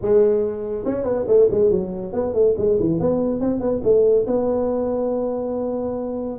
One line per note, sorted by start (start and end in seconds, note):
0.01 0.85 G#3
0.85 1.04 C#4
1.04 1.25 B3
1.27 1.48 A3
1.50 1.70 G#3
1.70 2.13 F#3
2.13 2.33 B3
2.33 2.54 A3
2.57 2.79 G#3
2.79 3.00 E3
3.00 3.40 B3
3.40 3.60 C4
3.60 3.81 B3
3.83 4.26 A3
4.26 6.38 B3